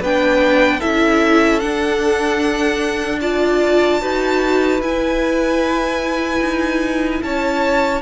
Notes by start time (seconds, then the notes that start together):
0.00 B3 D4 B4 G5
0.79 C#4 E4 A4 E5
1.60 D4 F#5
3.20 F4 D5 A5
4.02 D#4 F#4 B4
4.80 E4 G#5
6.40 D#4
7.23 C#4 C#5 A5